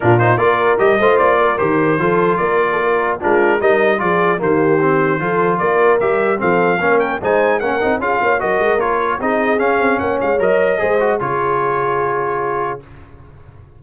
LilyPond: <<
  \new Staff \with { instrumentName = "trumpet" } { \time 4/4 \tempo 4 = 150 ais'8 c''8 d''4 dis''4 d''4 | c''2 d''2 | ais'4 dis''4 d''4 c''4~ | c''2 d''4 e''4 |
f''4. g''8 gis''4 fis''4 | f''4 dis''4 cis''4 dis''4 | f''4 fis''8 f''8 dis''2 | cis''1 | }
  \new Staff \with { instrumentName = "horn" } { \time 4/4 f'4 ais'4. c''4 ais'8~ | ais'4 a'4 ais'8. a'16 ais'4 | f'4 ais'4 gis'4 g'4~ | g'4 a'4 ais'2 |
a'4 ais'4 c''4 ais'4 | gis'8 cis''8 ais'2 gis'4~ | gis'4 cis''2 c''4 | gis'1 | }
  \new Staff \with { instrumentName = "trombone" } { \time 4/4 d'8 dis'8 f'4 g'8 f'4. | g'4 f'2. | d'4 dis'4 f'4 ais4 | c'4 f'2 g'4 |
c'4 cis'4 dis'4 cis'8 dis'8 | f'4 fis'4 f'4 dis'4 | cis'2 ais'4 gis'8 fis'8 | f'1 | }
  \new Staff \with { instrumentName = "tuba" } { \time 4/4 ais,4 ais4 g8 a8 ais4 | dis4 f4 ais2 | gis4 g4 f4 dis4~ | dis4 f4 ais4 g4 |
f4 ais4 gis4 ais8 c'8 | cis'8 ais8 fis8 gis8 ais4 c'4 | cis'8 c'8 ais8 gis8 fis4 gis4 | cis1 | }
>>